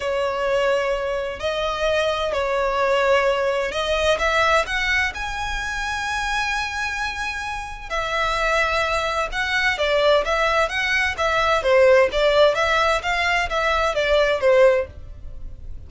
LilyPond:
\new Staff \with { instrumentName = "violin" } { \time 4/4 \tempo 4 = 129 cis''2. dis''4~ | dis''4 cis''2. | dis''4 e''4 fis''4 gis''4~ | gis''1~ |
gis''4 e''2. | fis''4 d''4 e''4 fis''4 | e''4 c''4 d''4 e''4 | f''4 e''4 d''4 c''4 | }